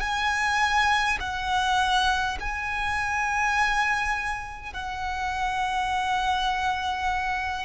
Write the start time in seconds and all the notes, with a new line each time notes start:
0.00 G#5
1.20 F#5
2.40 G#5
4.73 F#5